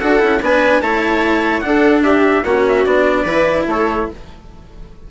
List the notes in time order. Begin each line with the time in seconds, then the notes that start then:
0.00 D4 F#4 A4 F#5
0.19 C#4 E4
0.41 B3 D4 B4 G#5
0.81 A3 E4 C#5 A5
1.60 D4 A4 F#5
2.03 G4 E5
2.44 A#3 C#4 F#4 F#5
2.68 E5
2.86 B3 D4 D5
3.23 E3 E4 B4
3.67 A3 A4 C#5